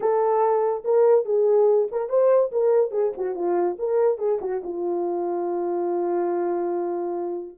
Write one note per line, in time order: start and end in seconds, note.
0.00 0.83 A4
0.84 1.25 A#4
1.25 1.88 G#4
1.91 2.09 A#4
2.09 2.51 C5
2.51 2.91 A#4
2.91 3.12 G#4
3.17 3.35 F#4
3.35 3.76 F4
3.79 4.18 A#4
4.18 4.39 G#4
4.41 4.62 F#4
4.63 7.57 F4